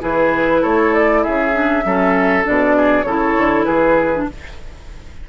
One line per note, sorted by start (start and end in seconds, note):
0.00 0.64 E3
0.00 1.52 E4
0.00 0.61 G#4
0.00 0.63 B4
0.61 1.25 A3
0.61 1.22 A4
0.61 0.93 C#5
0.93 1.23 D5
1.23 1.84 C#3
1.23 1.84 G#4
1.23 2.44 E5
1.52 1.83 D4
1.84 2.45 F#3
1.84 2.43 C#4
1.84 2.76 A4
2.43 3.04 B2
2.43 3.04 D4
2.43 3.03 D5
2.76 3.06 G#4
3.03 3.34 C#3
3.03 4.14 E4
3.03 3.65 A4
3.03 3.63 C#5
3.37 3.66 D3
3.64 4.27 E3
3.64 4.26 G#4
3.64 4.24 B4
4.14 4.29 D4